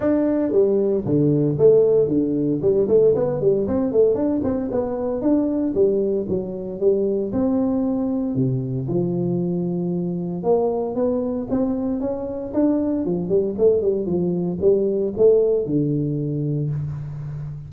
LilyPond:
\new Staff \with { instrumentName = "tuba" } { \time 4/4 \tempo 4 = 115 d'4 g4 d4 a4 | d4 g8 a8 b8 g8 c'8 a8 | d'8 c'8 b4 d'4 g4 | fis4 g4 c'2 |
c4 f2. | ais4 b4 c'4 cis'4 | d'4 f8 g8 a8 g8 f4 | g4 a4 d2 | }